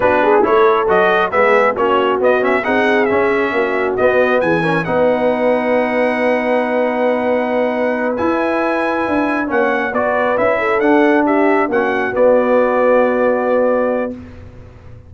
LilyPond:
<<
  \new Staff \with { instrumentName = "trumpet" } { \time 4/4 \tempo 4 = 136 b'4 cis''4 dis''4 e''4 | cis''4 dis''8 e''8 fis''4 e''4~ | e''4 dis''4 gis''4 fis''4~ | fis''1~ |
fis''2~ fis''8 gis''4.~ | gis''4. fis''4 d''4 e''8~ | e''8 fis''4 e''4 fis''4 d''8~ | d''1 | }
  \new Staff \with { instrumentName = "horn" } { \time 4/4 fis'8 gis'8 a'2 gis'4 | fis'2 gis'2 | fis'2 gis'8 ais'8 b'4~ | b'1~ |
b'1~ | b'4. cis''4 b'4. | a'4. g'4 fis'4.~ | fis'1 | }
  \new Staff \with { instrumentName = "trombone" } { \time 4/4 d'4 e'4 fis'4 b4 | cis'4 b8 cis'8 dis'4 cis'4~ | cis'4 b4. cis'8 dis'4~ | dis'1~ |
dis'2~ dis'8 e'4.~ | e'4. cis'4 fis'4 e'8~ | e'8 d'2 cis'4 b8~ | b1 | }
  \new Staff \with { instrumentName = "tuba" } { \time 4/4 b4 a4 fis4 gis4 | ais4 b4 c'4 cis'4 | ais4 b4 e4 b4~ | b1~ |
b2~ b8 e'4.~ | e'8 d'4 ais4 b4 cis'8~ | cis'8 d'2 ais4 b8~ | b1 | }
>>